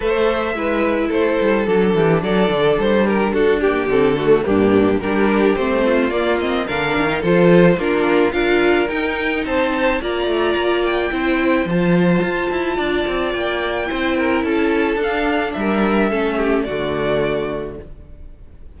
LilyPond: <<
  \new Staff \with { instrumentName = "violin" } { \time 4/4 \tempo 4 = 108 e''2 c''4 a'4 | d''4 c''8 ais'8 a'8 g'8 a'4 | g'4 ais'4 c''4 d''8 dis''8 | f''4 c''4 ais'4 f''4 |
g''4 a''4 ais''4. g''8~ | g''4 a''2. | g''2 a''4 f''4 | e''2 d''2 | }
  \new Staff \with { instrumentName = "violin" } { \time 4/4 c''4 b'4 a'4. g'8 | a'4. g'8 fis'8 g'4 fis'8 | d'4 g'4. f'4. | ais'4 a'4 f'4 ais'4~ |
ais'4 c''4 d''2 | c''2. d''4~ | d''4 c''8 ais'8 a'2 | ais'4 a'8 g'8 fis'2 | }
  \new Staff \with { instrumentName = "viola" } { \time 4/4 a'4 e'2 d'4~ | d'2~ d'8 ais8 c'8 a8 | ais4 d'4 c'4 ais8 c'8 | d'8. dis'16 f'4 d'4 f'4 |
dis'2 f'2 | e'4 f'2.~ | f'4 e'2 d'4~ | d'4 cis'4 a2 | }
  \new Staff \with { instrumentName = "cello" } { \time 4/4 a4 gis4 a8 g8 fis8 e8 | fis8 d8 g4 d'4 d4 | g,4 g4 a4 ais4 | d8 dis8 f4 ais4 d'4 |
dis'4 c'4 ais8 a8 ais4 | c'4 f4 f'8 e'8 d'8 c'8 | ais4 c'4 cis'4 d'4 | g4 a4 d2 | }
>>